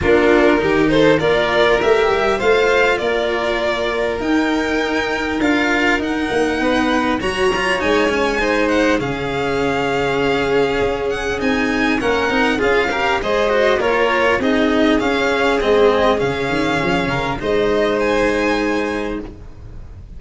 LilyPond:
<<
  \new Staff \with { instrumentName = "violin" } { \time 4/4 \tempo 4 = 100 ais'4. c''8 d''4 e''4 | f''4 d''2 g''4~ | g''4 f''4 fis''2 | ais''4 gis''4. fis''8 f''4~ |
f''2~ f''8 fis''8 gis''4 | fis''4 f''4 dis''4 cis''4 | dis''4 f''4 dis''4 f''4~ | f''4 dis''4 gis''2 | }
  \new Staff \with { instrumentName = "violin" } { \time 4/4 f'4 g'8 a'8 ais'2 | c''4 ais'2.~ | ais'2. b'4 | cis''2 c''4 gis'4~ |
gis'1 | ais'4 gis'8 ais'8 c''4 ais'4 | gis'1~ | gis'8 ais'8 c''2. | }
  \new Staff \with { instrumentName = "cello" } { \time 4/4 d'4 dis'4 f'4 g'4 | f'2. dis'4~ | dis'4 f'4 dis'2 | fis'8 f'8 dis'8 cis'8 dis'4 cis'4~ |
cis'2. dis'4 | cis'8 dis'8 f'8 g'8 gis'8 fis'8 f'4 | dis'4 cis'4 c'4 cis'4~ | cis'4 dis'2. | }
  \new Staff \with { instrumentName = "tuba" } { \time 4/4 ais4 dis4 ais4 a8 g8 | a4 ais2 dis'4~ | dis'4 d'4 dis'8 ais8 b4 | fis4 gis2 cis4~ |
cis2 cis'4 c'4 | ais8 c'8 cis'4 gis4 ais4 | c'4 cis'4 gis4 cis8 dis8 | f8 cis8 gis2. | }
>>